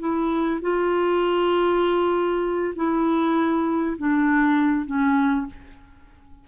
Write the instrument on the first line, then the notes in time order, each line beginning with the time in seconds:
clarinet
0.00 E4
0.62 F4
2.76 E4
3.98 D4
4.86 C#4